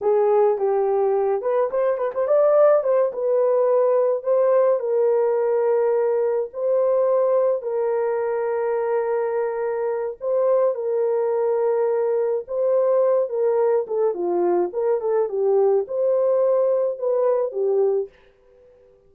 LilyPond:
\new Staff \with { instrumentName = "horn" } { \time 4/4 \tempo 4 = 106 gis'4 g'4. b'8 c''8 b'16 c''16 | d''4 c''8 b'2 c''8~ | c''8 ais'2. c''8~ | c''4. ais'2~ ais'8~ |
ais'2 c''4 ais'4~ | ais'2 c''4. ais'8~ | ais'8 a'8 f'4 ais'8 a'8 g'4 | c''2 b'4 g'4 | }